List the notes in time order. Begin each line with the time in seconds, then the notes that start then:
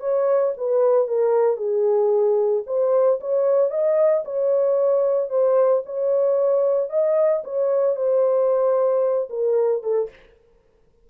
0.00 C#5
0.57 B4
1.07 A#4
1.57 G#4
2.66 C5
3.20 C#5
3.71 D#5
4.25 C#5
5.30 C5
5.86 C#5
6.90 D#5
7.44 C#5
7.96 C5
9.30 A#4
9.83 A4